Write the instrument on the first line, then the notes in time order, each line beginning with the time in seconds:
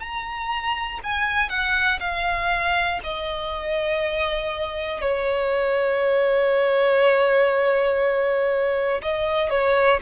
violin
0.00 A#5
1.04 G#5
1.50 F#5
2.00 F5
3.03 D#5
5.01 C#5
9.02 D#5
9.50 C#5